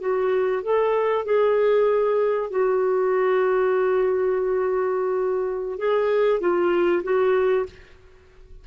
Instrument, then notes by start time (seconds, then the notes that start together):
clarinet
0.00 F#4
0.62 A4
1.25 G#4
2.50 F#4
5.78 G#4
6.40 F4
7.03 F#4